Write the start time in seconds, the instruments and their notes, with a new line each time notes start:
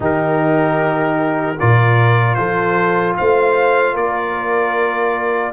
0.00 tuba D#3, trombone D#4, horn G4, trumpet A#4
1.58 tuba A#2, trombone F4, horn A#4, trumpet D5
2.34 tuba F3, horn A4, trumpet C5
3.17 tuba A3, horn C5, trumpet F5
3.94 tuba A#3, horn A#4, trumpet D5